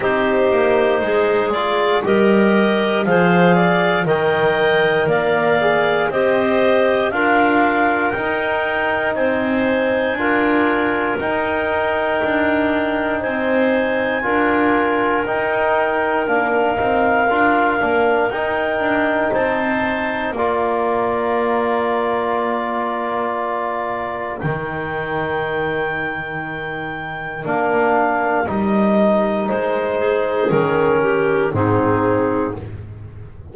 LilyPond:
<<
  \new Staff \with { instrumentName = "clarinet" } { \time 4/4 \tempo 4 = 59 c''4. d''8 dis''4 f''4 | g''4 f''4 dis''4 f''4 | g''4 gis''2 g''4~ | g''4 gis''2 g''4 |
f''2 g''4 a''4 | ais''1 | g''2. f''4 | dis''4 c''4 ais'4 gis'4 | }
  \new Staff \with { instrumentName = "clarinet" } { \time 4/4 g'4 gis'4 ais'4 c''8 d''8 | dis''4 d''4 c''4 ais'4~ | ais'4 c''4 ais'2~ | ais'4 c''4 ais'2~ |
ais'2. c''4 | d''1 | ais'1~ | ais'4. gis'4 g'8 dis'4 | }
  \new Staff \with { instrumentName = "trombone" } { \time 4/4 dis'4. f'8 g'4 gis'4 | ais'4. gis'8 g'4 f'4 | dis'2 f'4 dis'4~ | dis'2 f'4 dis'4 |
d'8 dis'8 f'8 d'8 dis'2 | f'1 | dis'2. d'4 | dis'2 cis'4 c'4 | }
  \new Staff \with { instrumentName = "double bass" } { \time 4/4 c'8 ais8 gis4 g4 f4 | dis4 ais4 c'4 d'4 | dis'4 c'4 d'4 dis'4 | d'4 c'4 d'4 dis'4 |
ais8 c'8 d'8 ais8 dis'8 d'8 c'4 | ais1 | dis2. ais4 | g4 gis4 dis4 gis,4 | }
>>